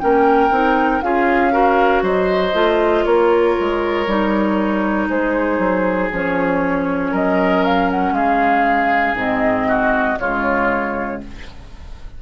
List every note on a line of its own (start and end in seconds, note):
0.00 0.51 A#3
0.00 0.51 C#4
0.00 1.05 A#4
0.00 1.02 G5
0.51 1.02 C4
0.51 1.02 D#4
1.02 2.03 C#4
1.02 1.52 F4
1.02 1.53 G#4
1.02 2.03 F5
1.52 2.54 F#4
1.52 2.03 A#4
2.03 2.54 F#3
2.03 3.05 C5
2.03 3.05 D#5
2.54 3.05 A3
2.54 4.06 F4
3.05 3.57 A#3
3.05 5.09 A#4
3.05 5.09 C#5
3.60 4.07 G#3
4.07 5.09 G3
4.07 6.12 D#4
5.09 5.59 G#3
5.09 7.12 G#4
5.09 6.11 C5
5.59 6.10 F#3
6.12 7.13 F3
6.12 9.17 C#4
6.12 7.15 C#5
7.12 8.12 F#3
7.12 8.13 A#4
7.12 7.65 D#5
7.65 7.91 F5
7.91 8.15 F#5
8.12 9.14 G#3
8.12 9.68 G#4
8.12 9.17 F5
9.14 10.16 G#2
9.14 10.19 C4
9.14 10.19 D#5
9.68 10.19 F#4
10.19 11.22 C#3
10.19 11.22 G#3
10.19 11.22 F4
10.19 11.21 C#5